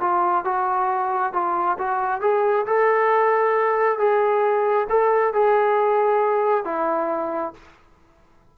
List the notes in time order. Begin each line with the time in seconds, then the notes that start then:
0.00 F4
0.44 F#4
1.33 F4
1.78 F#4
2.21 G#4
2.66 A4
3.99 G#4
4.89 A4
5.33 G#4
6.64 E4